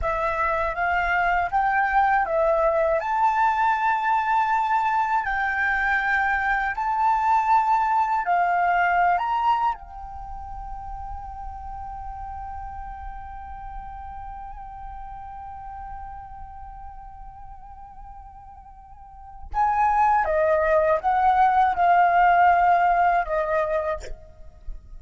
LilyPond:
\new Staff \with { instrumentName = "flute" } { \time 4/4 \tempo 4 = 80 e''4 f''4 g''4 e''4 | a''2. g''4~ | g''4 a''2 f''4~ | f''16 ais''8. g''2.~ |
g''1~ | g''1~ | g''2 gis''4 dis''4 | fis''4 f''2 dis''4 | }